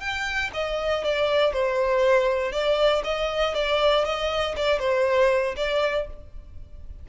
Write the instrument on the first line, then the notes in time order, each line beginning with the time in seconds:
violin
0.00 G5
0.53 D#5
1.04 D5
1.53 C5
2.52 D5
3.04 D#5
3.55 D5
4.05 D#5
4.56 D5
4.79 C5
5.56 D5